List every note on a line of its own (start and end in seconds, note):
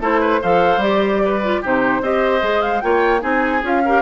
0.00 0.40 A3
0.00 0.41 E4
0.00 0.20 A4
0.00 0.43 C5
0.20 0.41 B4
0.42 0.77 F3
0.42 0.81 A4
0.42 1.22 C5
0.42 0.82 F5
0.77 1.58 G3
0.77 1.42 G4
0.77 1.63 D5
1.25 1.61 B4
1.43 1.63 F4
1.61 2.01 C3
1.61 2.03 D#4
1.61 2.01 G4
1.61 2.03 C5
2.01 2.42 C4
2.01 2.41 G4
2.01 2.83 C5
2.01 2.61 D#5
2.41 2.83 G#3
2.41 2.81 G#4
2.61 2.81 F5
2.81 3.23 A#3
2.81 3.20 F4
2.81 3.21 C#5
2.81 3.21 G5
3.20 3.63 C4
3.20 3.61 D#4
3.20 3.82 G#4
3.20 3.63 G#5
3.63 4.02 C#4
3.63 3.83 F4
3.63 4.02 F5
3.85 4.02 G4
3.85 4.02 A#4